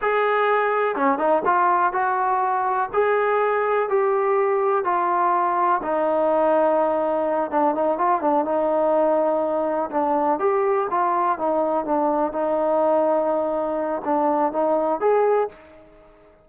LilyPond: \new Staff \with { instrumentName = "trombone" } { \time 4/4 \tempo 4 = 124 gis'2 cis'8 dis'8 f'4 | fis'2 gis'2 | g'2 f'2 | dis'2.~ dis'8 d'8 |
dis'8 f'8 d'8 dis'2~ dis'8~ | dis'8 d'4 g'4 f'4 dis'8~ | dis'8 d'4 dis'2~ dis'8~ | dis'4 d'4 dis'4 gis'4 | }